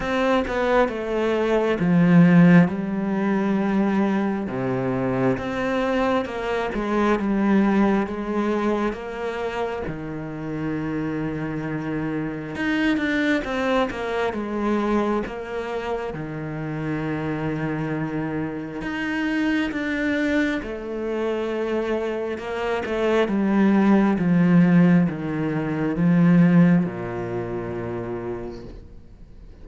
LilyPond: \new Staff \with { instrumentName = "cello" } { \time 4/4 \tempo 4 = 67 c'8 b8 a4 f4 g4~ | g4 c4 c'4 ais8 gis8 | g4 gis4 ais4 dis4~ | dis2 dis'8 d'8 c'8 ais8 |
gis4 ais4 dis2~ | dis4 dis'4 d'4 a4~ | a4 ais8 a8 g4 f4 | dis4 f4 ais,2 | }